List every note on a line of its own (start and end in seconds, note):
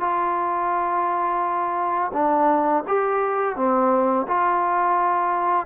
0.00 2.12 F4
2.13 2.84 D4
2.87 3.56 G4
3.56 4.26 C4
4.27 5.66 F4